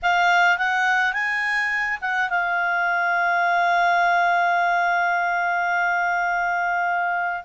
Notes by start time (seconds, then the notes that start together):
0.02 F5
0.58 F#5
1.13 G#5
2.01 F#5
2.29 F5